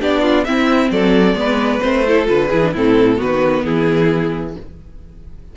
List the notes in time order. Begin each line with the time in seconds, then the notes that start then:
0.00 B3 D4 G4 D5
0.21 F4
0.45 C4 E4 E5
0.91 F#3 A4 D5
1.34 G#3 B3 B4
1.81 A3 C4 C5
2.07 E4 A4
2.25 D3 F4 B4
2.48 E3 E4 G#4
2.62 D4
2.73 A2 C4 E4 A4
3.17 D#3 B3 F#4 B4
3.65 E3 E4 G#4